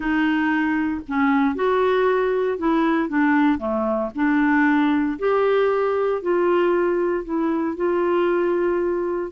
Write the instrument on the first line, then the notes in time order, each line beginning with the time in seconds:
clarinet
0.00 D#4
1.07 C#4
1.55 F#4
2.58 E4
3.08 D4
3.58 A3
4.15 D4
5.18 G4
6.22 F4
7.24 E4
7.76 F4